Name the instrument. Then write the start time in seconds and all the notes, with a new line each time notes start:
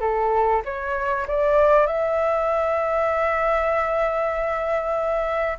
flute
0.00 A4
0.65 C#5
1.27 D5
1.86 E5